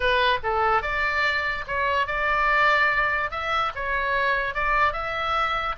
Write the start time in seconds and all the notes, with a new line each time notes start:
0.00 B4
0.43 A4
0.82 D5
1.67 C#5
2.06 D5
3.30 E5
3.75 C#5
4.54 D5
4.92 E5